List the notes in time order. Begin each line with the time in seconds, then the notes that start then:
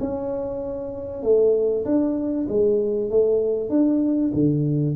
0.00 C#4
1.23 A3
1.85 D4
2.48 G#3
3.10 A3
3.69 D4
4.34 D3